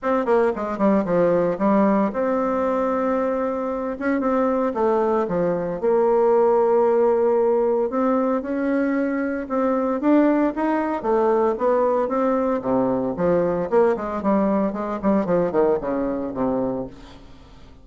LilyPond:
\new Staff \with { instrumentName = "bassoon" } { \time 4/4 \tempo 4 = 114 c'8 ais8 gis8 g8 f4 g4 | c'2.~ c'8 cis'8 | c'4 a4 f4 ais4~ | ais2. c'4 |
cis'2 c'4 d'4 | dis'4 a4 b4 c'4 | c4 f4 ais8 gis8 g4 | gis8 g8 f8 dis8 cis4 c4 | }